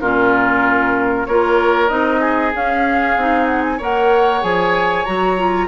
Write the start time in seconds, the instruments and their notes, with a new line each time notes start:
0.00 bassoon A#2, clarinet C#4, oboe F4, flute A#4
1.26 bassoon A#3, clarinet F4, oboe A#4, flute C#5
1.89 bassoon C4, clarinet D#4, flute D#5
2.21 oboe G#4
2.55 bassoon C#4, clarinet C#4, flute F5
3.17 bassoon C4, clarinet D#4
3.46 flute F#5
3.64 flute G#5
3.77 bassoon A#3, clarinet A#4, oboe C#5, flute F#5
4.41 bassoon F3, clarinet G#4, flute G#5
5.05 bassoon F#3, clarinet F#4, flute A#5
5.37 clarinet F4